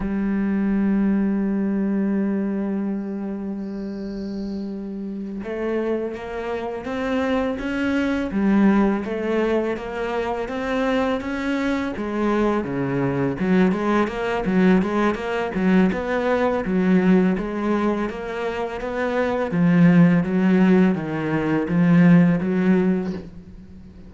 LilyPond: \new Staff \with { instrumentName = "cello" } { \time 4/4 \tempo 4 = 83 g1~ | g2.~ g8 a8~ | a8 ais4 c'4 cis'4 g8~ | g8 a4 ais4 c'4 cis'8~ |
cis'8 gis4 cis4 fis8 gis8 ais8 | fis8 gis8 ais8 fis8 b4 fis4 | gis4 ais4 b4 f4 | fis4 dis4 f4 fis4 | }